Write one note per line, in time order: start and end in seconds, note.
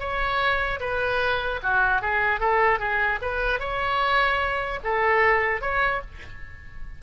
0.00 0.80 C#5
0.81 1.61 B4
1.63 2.02 F#4
2.02 2.41 G#4
2.41 2.80 A4
2.80 3.20 G#4
3.22 3.60 B4
3.60 4.80 C#5
4.84 5.62 A4
5.62 6.02 C#5